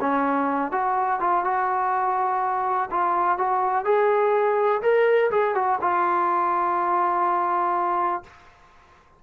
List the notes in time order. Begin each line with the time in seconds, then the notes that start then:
0.00 C#4
0.71 F#4
1.20 F4
1.44 F#4
2.91 F4
3.38 F#4
3.85 G#4
4.82 A#4
5.30 G#4
5.54 F#4
5.81 F4